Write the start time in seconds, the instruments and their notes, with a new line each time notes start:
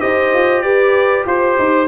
0.00 tuba D#4, trombone G4, horn C5, trumpet D#5
0.34 tuba F4
0.62 tuba G4, horn B4, trumpet D5
1.26 tuba F4, horn C5, trumpet C5
1.59 tuba D#4